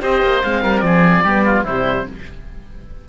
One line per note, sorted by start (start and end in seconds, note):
0.00 0.22 C4
0.00 0.41 G4
0.00 0.62 C5
0.00 0.43 D#5
0.22 0.43 A#3
0.43 0.64 G#3
0.43 1.26 C4
0.43 0.80 F5
0.62 0.82 G3
0.62 0.83 A#4
0.80 1.23 F3
0.80 1.24 G#4
0.80 1.63 D5
1.23 1.65 G3
1.23 1.67 B3
1.23 1.44 G4
1.45 1.64 F4
1.64 2.06 C3
1.64 2.08 G3
1.64 2.05 E4
1.64 2.07 C5